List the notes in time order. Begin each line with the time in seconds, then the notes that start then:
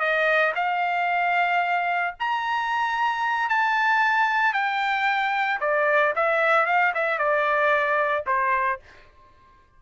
0.00 D#5
0.56 F5
2.20 A#5
3.49 A5
4.53 G5
5.61 D5
6.16 E5
6.66 F5
6.94 E5
7.19 D5
8.27 C5